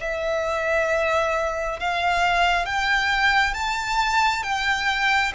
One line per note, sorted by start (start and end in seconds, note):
0.00 1.79 E5
1.79 2.65 F5
2.65 3.54 G5
3.54 4.42 A5
4.42 5.32 G5